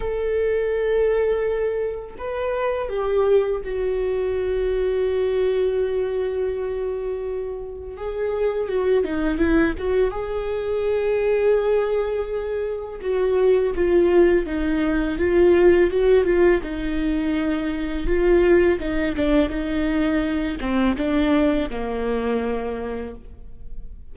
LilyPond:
\new Staff \with { instrumentName = "viola" } { \time 4/4 \tempo 4 = 83 a'2. b'4 | g'4 fis'2.~ | fis'2. gis'4 | fis'8 dis'8 e'8 fis'8 gis'2~ |
gis'2 fis'4 f'4 | dis'4 f'4 fis'8 f'8 dis'4~ | dis'4 f'4 dis'8 d'8 dis'4~ | dis'8 c'8 d'4 ais2 | }